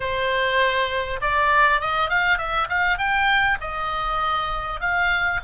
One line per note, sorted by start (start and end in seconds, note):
0.00 1.20 C5
1.21 1.80 D5
1.80 2.09 D#5
2.09 2.38 F5
2.38 2.68 E5
2.69 2.98 F5
2.98 3.58 G5
3.61 4.80 D#5
4.80 5.40 F5